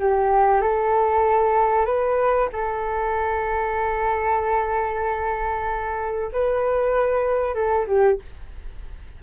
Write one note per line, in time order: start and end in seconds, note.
0.00 0.61 G4
0.61 1.86 A4
1.86 2.49 B4
2.53 6.32 A4
6.32 7.55 B4
7.55 7.86 A4
7.87 8.19 G4